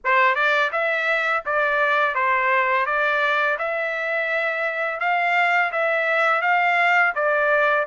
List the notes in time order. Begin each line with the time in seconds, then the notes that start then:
0.04 C5
0.35 D5
0.72 E5
1.45 D5
2.14 C5
2.86 D5
3.58 E5
5.00 F5
5.71 E5
6.41 F5
7.15 D5